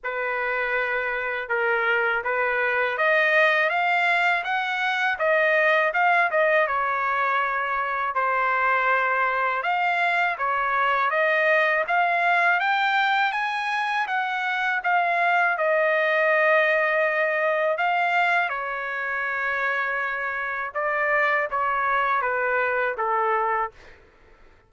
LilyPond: \new Staff \with { instrumentName = "trumpet" } { \time 4/4 \tempo 4 = 81 b'2 ais'4 b'4 | dis''4 f''4 fis''4 dis''4 | f''8 dis''8 cis''2 c''4~ | c''4 f''4 cis''4 dis''4 |
f''4 g''4 gis''4 fis''4 | f''4 dis''2. | f''4 cis''2. | d''4 cis''4 b'4 a'4 | }